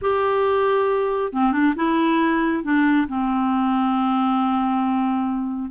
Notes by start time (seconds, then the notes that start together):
0.01 G4
1.32 C4
1.52 D4
1.75 E4
2.63 D4
3.08 C4